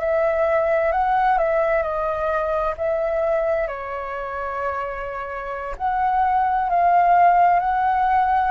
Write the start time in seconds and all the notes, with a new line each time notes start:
0.00 E5
0.93 F#5
1.38 E5
1.83 D#5
2.78 E5
3.68 C#5
5.78 F#5
6.70 F5
7.60 F#5